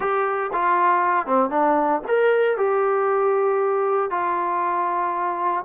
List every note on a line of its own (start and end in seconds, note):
0.00 0.50 G4
0.52 1.26 F4
1.26 1.50 C4
1.50 2.01 D4
2.07 2.57 A#4
2.57 4.10 G4
4.10 5.64 F4